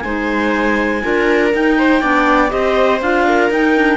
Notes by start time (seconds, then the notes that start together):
0.00 G#3 D#4 C5 G#5
1.02 D4 F4 A#4
1.53 D#4 G5
1.78 C5
2.00 B3 D4 D5
2.49 C4 G4 C5 D#5
3.02 D4 F4 F5
3.28 A#4
3.50 D#4 G5
3.76 D4